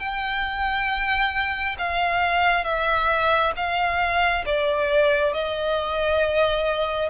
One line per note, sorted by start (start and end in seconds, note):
0.00 1.76 G5
1.78 2.64 F5
2.64 3.53 E5
3.57 4.45 F5
4.46 5.33 D5
5.33 7.09 D#5